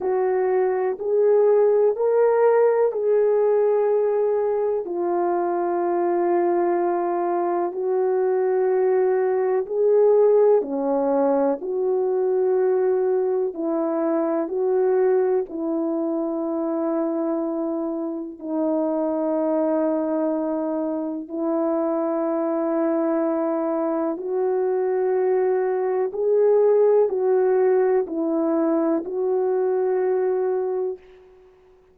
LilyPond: \new Staff \with { instrumentName = "horn" } { \time 4/4 \tempo 4 = 62 fis'4 gis'4 ais'4 gis'4~ | gis'4 f'2. | fis'2 gis'4 cis'4 | fis'2 e'4 fis'4 |
e'2. dis'4~ | dis'2 e'2~ | e'4 fis'2 gis'4 | fis'4 e'4 fis'2 | }